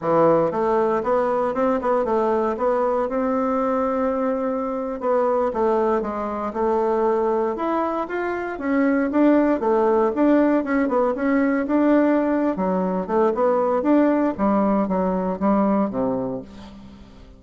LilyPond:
\new Staff \with { instrumentName = "bassoon" } { \time 4/4 \tempo 4 = 117 e4 a4 b4 c'8 b8 | a4 b4 c'2~ | c'4.~ c'16 b4 a4 gis16~ | gis8. a2 e'4 f'16~ |
f'8. cis'4 d'4 a4 d'16~ | d'8. cis'8 b8 cis'4 d'4~ d'16~ | d'8 fis4 a8 b4 d'4 | g4 fis4 g4 c4 | }